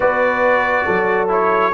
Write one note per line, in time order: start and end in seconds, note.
0.00 0.86 B3
0.00 1.28 F#4
0.00 0.85 B4
0.00 1.28 D5
0.85 1.73 F#3
0.85 1.72 A4
1.28 1.72 E4
1.28 1.73 C#5